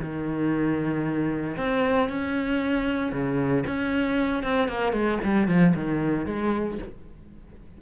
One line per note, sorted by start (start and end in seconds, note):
0.00 1.57 D#3
1.57 2.09 C4
2.09 3.12 C#4
3.12 3.65 C#3
3.67 4.43 C#4
4.43 4.68 C4
4.68 4.93 A#3
4.93 5.19 G#3
5.24 5.48 G3
5.48 5.74 F3
5.75 6.26 D#3
6.26 6.78 G#3